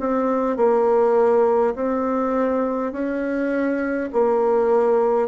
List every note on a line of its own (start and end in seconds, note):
0.00 0.57 C4
0.57 1.75 A#3
1.75 2.93 C4
2.93 4.10 C#4
4.13 5.28 A#3